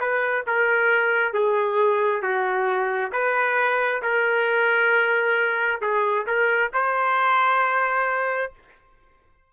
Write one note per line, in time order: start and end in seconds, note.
0.00 0.45 B4
0.47 1.34 A#4
1.34 2.22 G#4
2.22 3.12 F#4
3.12 4.02 B4
4.02 5.81 A#4
5.81 6.26 G#4
6.26 6.71 A#4
6.74 8.53 C5